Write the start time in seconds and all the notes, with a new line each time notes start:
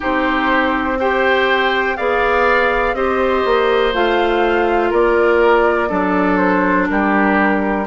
0.00 C4 D#4 G4 C5
0.99 G4 C5 G5
1.96 B3 G#4 D5 F5
2.93 C4 G4 C5 D#5
3.45 A#3
3.93 A3 F4 F5
4.90 A#3 A#4 D5
5.88 F#3 D4 A4
6.37 C5
6.88 G3 G4 A#4